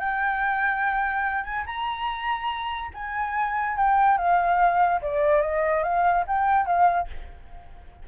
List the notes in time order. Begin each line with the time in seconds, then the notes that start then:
0.00 G5
1.44 G#5
1.66 A#5
2.95 G#5
3.77 G5
4.18 F5
5.02 D5
5.42 D#5
5.84 F5
6.28 G5
6.66 F5